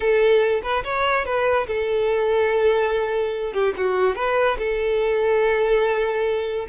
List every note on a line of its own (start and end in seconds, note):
0.00 0.61 A4
0.62 0.83 B4
0.84 1.25 C#5
1.25 1.66 B4
1.67 3.53 A4
3.53 3.74 G4
3.77 4.15 F#4
4.15 4.57 B4
4.58 6.66 A4